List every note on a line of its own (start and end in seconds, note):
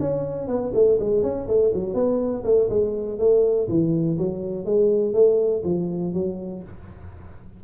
0.00 0.48 C#4
0.48 0.72 B3
0.74 0.99 A3
1.00 1.23 G#3
1.23 1.48 C#4
1.48 1.72 A3
1.74 1.94 F#3
1.94 2.43 B3
2.44 2.69 A3
2.70 3.19 G#3
3.19 3.68 A3
3.69 4.18 E3
4.18 4.65 F#3
4.65 5.14 G#3
5.14 5.63 A3
5.65 6.14 F3
6.14 6.63 F#3